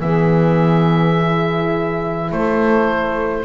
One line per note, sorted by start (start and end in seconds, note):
0.00 2.31 E3
0.00 1.17 B3
0.00 2.32 G#4
0.00 2.31 E5
1.17 3.45 E4
2.31 3.45 A3
2.31 3.45 A4
2.31 3.45 C5